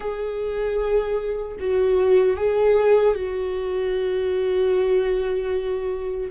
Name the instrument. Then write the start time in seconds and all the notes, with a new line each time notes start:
viola
0.00 G#4
1.59 F#4
2.36 G#4
3.14 F#4